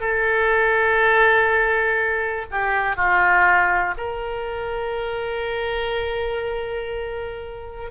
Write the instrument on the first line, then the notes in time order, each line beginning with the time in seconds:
oboe
0.00 A4
2.51 G4
2.96 F4
3.97 A#4